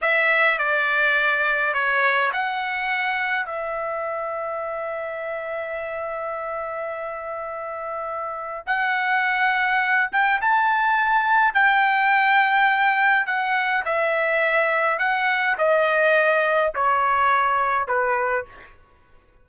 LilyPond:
\new Staff \with { instrumentName = "trumpet" } { \time 4/4 \tempo 4 = 104 e''4 d''2 cis''4 | fis''2 e''2~ | e''1~ | e''2. fis''4~ |
fis''4. g''8 a''2 | g''2. fis''4 | e''2 fis''4 dis''4~ | dis''4 cis''2 b'4 | }